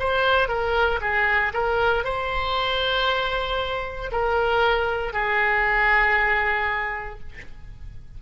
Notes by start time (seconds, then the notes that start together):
0.00 C5
0.48 A#4
1.02 G#4
1.54 A#4
2.05 C5
4.12 A#4
5.13 G#4